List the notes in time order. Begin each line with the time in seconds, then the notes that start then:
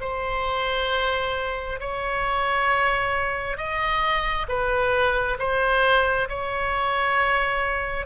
0.00 C5
1.80 C#5
3.57 D#5
4.48 B4
5.39 C5
6.28 C#5